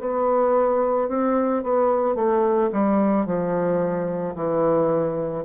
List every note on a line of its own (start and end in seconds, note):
0.00 1.09 B3
1.09 1.64 C4
1.64 2.16 B3
2.16 2.70 A3
2.73 3.26 G3
3.26 4.35 F3
4.36 5.45 E3